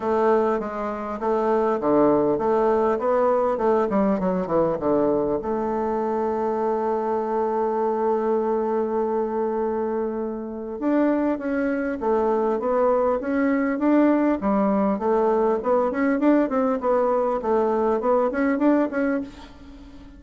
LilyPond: \new Staff \with { instrumentName = "bassoon" } { \time 4/4 \tempo 4 = 100 a4 gis4 a4 d4 | a4 b4 a8 g8 fis8 e8 | d4 a2.~ | a1~ |
a2 d'4 cis'4 | a4 b4 cis'4 d'4 | g4 a4 b8 cis'8 d'8 c'8 | b4 a4 b8 cis'8 d'8 cis'8 | }